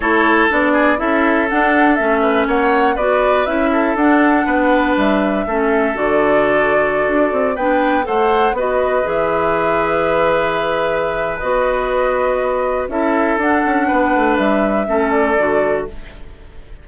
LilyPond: <<
  \new Staff \with { instrumentName = "flute" } { \time 4/4 \tempo 4 = 121 cis''4 d''4 e''4 fis''4 | e''4 fis''4 d''4 e''4 | fis''2 e''2 | d''2.~ d''16 g''8.~ |
g''16 fis''4 dis''4 e''4.~ e''16~ | e''2. dis''4~ | dis''2 e''4 fis''4~ | fis''4 e''4. d''4. | }
  \new Staff \with { instrumentName = "oboe" } { \time 4/4 a'4. gis'8 a'2~ | a'8 b'8 cis''4 b'4. a'8~ | a'4 b'2 a'4~ | a'2.~ a'16 b'8.~ |
b'16 c''4 b'2~ b'8.~ | b'1~ | b'2 a'2 | b'2 a'2 | }
  \new Staff \with { instrumentName = "clarinet" } { \time 4/4 e'4 d'4 e'4 d'4 | cis'2 fis'4 e'4 | d'2. cis'4 | fis'2.~ fis'16 d'8.~ |
d'16 a'4 fis'4 gis'4.~ gis'16~ | gis'2. fis'4~ | fis'2 e'4 d'4~ | d'2 cis'4 fis'4 | }
  \new Staff \with { instrumentName = "bassoon" } { \time 4/4 a4 b4 cis'4 d'4 | a4 ais4 b4 cis'4 | d'4 b4 g4 a4 | d2~ d16 d'8 c'8 b8.~ |
b16 a4 b4 e4.~ e16~ | e2. b4~ | b2 cis'4 d'8 cis'8 | b8 a8 g4 a4 d4 | }
>>